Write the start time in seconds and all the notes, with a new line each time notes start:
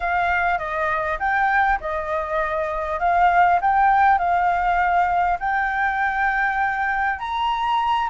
0.00 F5
0.58 D#5
1.19 G5
1.80 D#5
2.99 F5
3.61 G5
4.18 F5
5.39 G5
7.19 A#5